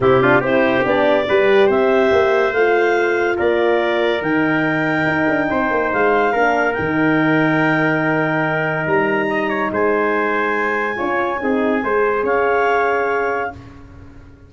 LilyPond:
<<
  \new Staff \with { instrumentName = "clarinet" } { \time 4/4 \tempo 4 = 142 g'4 c''4 d''2 | e''2 f''2 | d''2 g''2~ | g''2 f''2 |
g''1~ | g''4 ais''2 gis''4~ | gis''1~ | gis''4 f''2. | }
  \new Staff \with { instrumentName = "trumpet" } { \time 4/4 e'8 f'8 g'2 b'4 | c''1 | ais'1~ | ais'4 c''2 ais'4~ |
ais'1~ | ais'2 dis''8 cis''8 c''4~ | c''2 cis''4 gis'4 | c''4 cis''2. | }
  \new Staff \with { instrumentName = "horn" } { \time 4/4 c'8 d'8 e'4 d'4 g'4~ | g'2 f'2~ | f'2 dis'2~ | dis'2. d'4 |
dis'1~ | dis'1~ | dis'2 f'4 dis'4 | gis'1 | }
  \new Staff \with { instrumentName = "tuba" } { \time 4/4 c4 c'4 b4 g4 | c'4 ais4 a2 | ais2 dis2 | dis'8 d'8 c'8 ais8 gis4 ais4 |
dis1~ | dis4 g2 gis4~ | gis2 cis'4 c'4 | gis4 cis'2. | }
>>